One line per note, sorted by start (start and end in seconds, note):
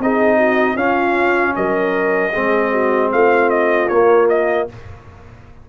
0.00 0.76 C4
0.00 0.77 D#4
0.00 0.36 G#4
0.00 0.77 D#5
0.36 0.75 F#4
0.76 1.54 C#4
0.76 2.33 C#4
0.76 1.54 F4
0.76 1.55 F5
1.56 2.35 F#3
1.56 2.33 A#4
1.56 3.12 D#5
2.33 3.12 G#3
2.33 3.91 C4
2.33 2.71 G#4
2.71 3.10 F#4
3.12 3.90 A3
3.12 4.69 F4
3.12 3.50 F5
3.50 3.89 D#5
3.89 4.69 A#3
3.89 4.70 A#3
3.89 4.28 C#5
4.29 4.68 D#5